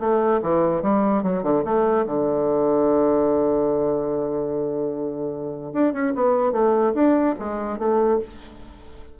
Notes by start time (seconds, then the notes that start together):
0.00 A3
0.43 E3
0.82 G3
1.23 F#3
1.43 D3
1.65 A3
2.06 D3
5.73 D4
5.93 C#4
6.15 B3
6.53 A3
6.94 D4
7.39 G#3
7.79 A3